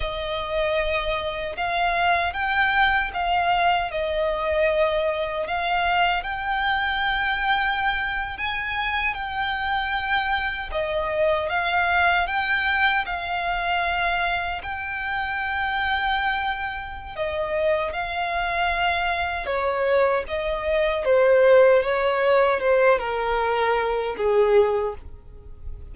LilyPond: \new Staff \with { instrumentName = "violin" } { \time 4/4 \tempo 4 = 77 dis''2 f''4 g''4 | f''4 dis''2 f''4 | g''2~ g''8. gis''4 g''16~ | g''4.~ g''16 dis''4 f''4 g''16~ |
g''8. f''2 g''4~ g''16~ | g''2 dis''4 f''4~ | f''4 cis''4 dis''4 c''4 | cis''4 c''8 ais'4. gis'4 | }